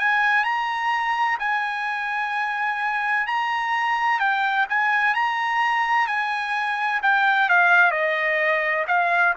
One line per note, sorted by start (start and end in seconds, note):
0.00 0.44 G#5
0.44 1.38 A#5
1.39 3.27 G#5
3.27 4.20 A#5
4.20 4.67 G5
4.70 5.15 G#5
5.15 6.07 A#5
6.07 7.01 G#5
7.03 7.50 G5
7.50 7.92 F5
7.92 8.86 D#5
8.88 9.35 F5